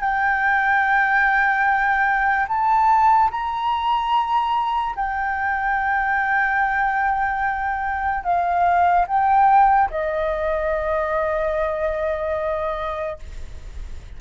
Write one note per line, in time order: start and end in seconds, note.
0.00 2.47 G5
2.48 3.30 A5
3.31 4.95 A#5
4.96 8.23 G5
8.23 9.06 F5
9.07 9.89 G5
9.90 13.19 D#5